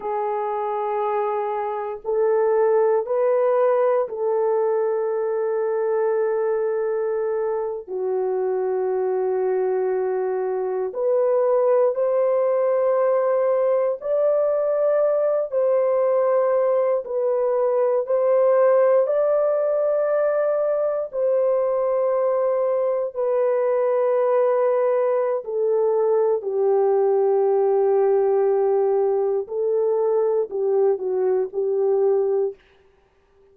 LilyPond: \new Staff \with { instrumentName = "horn" } { \time 4/4 \tempo 4 = 59 gis'2 a'4 b'4 | a'2.~ a'8. fis'16~ | fis'2~ fis'8. b'4 c''16~ | c''4.~ c''16 d''4. c''8.~ |
c''8. b'4 c''4 d''4~ d''16~ | d''8. c''2 b'4~ b'16~ | b'4 a'4 g'2~ | g'4 a'4 g'8 fis'8 g'4 | }